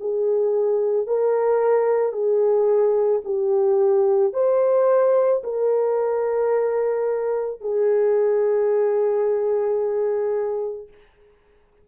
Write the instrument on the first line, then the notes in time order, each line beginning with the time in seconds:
horn
0.00 G#4
1.07 A#4
2.12 G#4
3.25 G4
4.33 C5
5.43 A#4
7.61 G#4